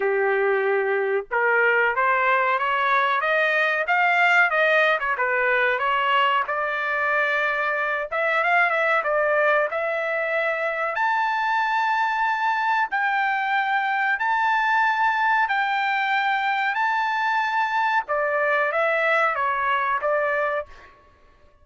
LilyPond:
\new Staff \with { instrumentName = "trumpet" } { \time 4/4 \tempo 4 = 93 g'2 ais'4 c''4 | cis''4 dis''4 f''4 dis''8. cis''16 | b'4 cis''4 d''2~ | d''8 e''8 f''8 e''8 d''4 e''4~ |
e''4 a''2. | g''2 a''2 | g''2 a''2 | d''4 e''4 cis''4 d''4 | }